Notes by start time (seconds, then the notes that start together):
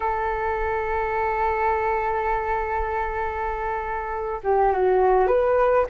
0.00 A4
4.43 G4
4.72 F#4
5.27 B4